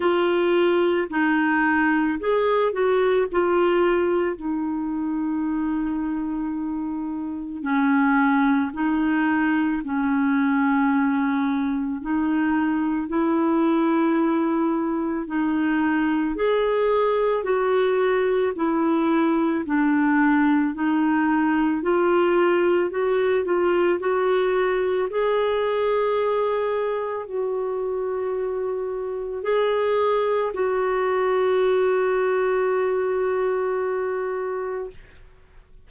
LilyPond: \new Staff \with { instrumentName = "clarinet" } { \time 4/4 \tempo 4 = 55 f'4 dis'4 gis'8 fis'8 f'4 | dis'2. cis'4 | dis'4 cis'2 dis'4 | e'2 dis'4 gis'4 |
fis'4 e'4 d'4 dis'4 | f'4 fis'8 f'8 fis'4 gis'4~ | gis'4 fis'2 gis'4 | fis'1 | }